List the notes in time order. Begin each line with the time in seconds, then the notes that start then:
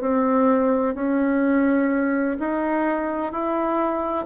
0.00 C4
0.94 C#4
2.39 D#4
3.32 E4